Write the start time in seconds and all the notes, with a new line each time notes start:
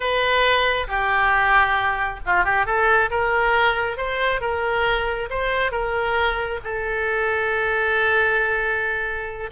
0.00 B4
0.87 G4
2.26 F4
2.44 G4
2.66 A4
3.10 A#4
3.97 C5
4.41 A#4
5.29 C5
5.71 A#4
6.63 A4